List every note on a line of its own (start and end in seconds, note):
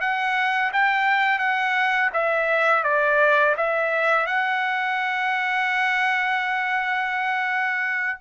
0.00 0.71 F#5
0.72 1.38 G5
1.38 2.10 F#5
2.13 2.83 E5
2.83 3.55 D5
3.56 4.26 E5
4.26 8.19 F#5